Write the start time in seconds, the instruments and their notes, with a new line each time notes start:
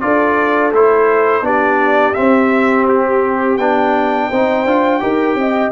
0.00 tuba D4, trombone F4, horn A4, trumpet D5
0.72 tuba A3, trombone E4, trumpet C5
1.42 tuba B3, trombone D4, horn G4, trumpet D5
2.14 trombone C4, tuba C4, trumpet E5
2.88 trumpet G4
3.57 tuba B3, trombone D4, trumpet G5
4.29 tuba C4, trombone D#4, horn C5
4.65 tuba D4, trombone F4
5.00 tuba D#4, trombone G4, horn A#4
5.34 tuba C4, horn D#5